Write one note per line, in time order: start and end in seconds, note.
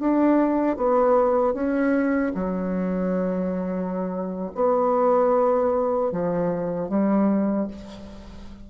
0.00 0.77 D4
0.77 1.54 B3
1.54 2.33 C#4
2.35 4.52 F#3
4.55 6.12 B3
6.12 6.89 F3
6.89 7.68 G3